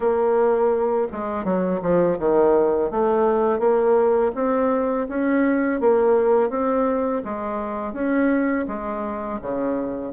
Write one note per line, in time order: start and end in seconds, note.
0.00 1.07 A#3
1.12 1.44 G#3
1.44 1.80 F#3
1.82 2.18 F3
2.19 2.90 D#3
2.90 3.59 A3
3.59 4.31 A#3
4.34 5.07 C4
5.09 5.80 C#4
5.80 6.49 A#3
6.49 7.22 C4
7.24 7.93 G#3
7.93 8.65 C#4
8.67 9.39 G#3
9.41 10.12 C#3